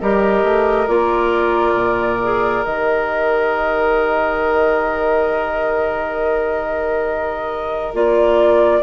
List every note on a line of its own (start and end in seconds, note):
0.00 0.43 G3
0.00 0.87 G4
0.00 8.83 A#4
0.00 0.88 D#5
0.43 0.87 A3
0.87 1.74 A#3
0.87 2.20 F4
0.87 2.64 D5
1.74 2.62 A#2
2.23 2.64 G#4
2.64 7.94 D#3
2.64 7.93 G4
2.64 7.94 D#5
7.93 8.82 A#3
7.93 8.82 F4
7.93 8.83 D5